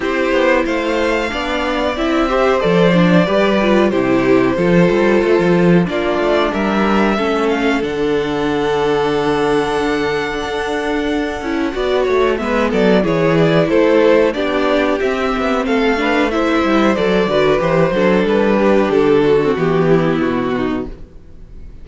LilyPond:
<<
  \new Staff \with { instrumentName = "violin" } { \time 4/4 \tempo 4 = 92 c''4 f''2 e''4 | d''2 c''2~ | c''4 d''4 e''4. f''8 | fis''1~ |
fis''2. e''8 d''8 | cis''8 d''8 c''4 d''4 e''4 | f''4 e''4 d''4 c''4 | b'4 a'4 g'4 fis'4 | }
  \new Staff \with { instrumentName = "violin" } { \time 4/4 g'4 c''4 d''4. c''8~ | c''4 b'4 g'4 a'4~ | a'4 f'4 ais'4 a'4~ | a'1~ |
a'2 d''8 cis''8 b'8 a'8 | gis'4 a'4 g'2 | a'8 b'8 c''4. b'4 a'8~ | a'8 g'4 fis'4 e'4 dis'8 | }
  \new Staff \with { instrumentName = "viola" } { \time 4/4 e'2 d'4 e'8 g'8 | a'8 d'8 g'8 f'8 e'4 f'4~ | f'4 d'2 cis'4 | d'1~ |
d'4. e'8 fis'4 b4 | e'2 d'4 c'4~ | c'8 d'8 e'4 a'8 fis'8 g'8 d'8~ | d'4.~ d'16 c'16 b2 | }
  \new Staff \with { instrumentName = "cello" } { \time 4/4 c'8 b8 a4 b4 c'4 | f4 g4 c4 f8 g8 | a16 f8. ais8 a8 g4 a4 | d1 |
d'4. cis'8 b8 a8 gis8 fis8 | e4 a4 b4 c'8 b8 | a4. g8 fis8 d8 e8 fis8 | g4 d4 e4 b,4 | }
>>